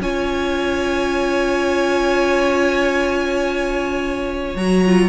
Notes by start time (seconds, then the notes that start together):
0.00 C#4 F4 C#5 G#5
4.56 F#3 F#4 A#5
4.86 F4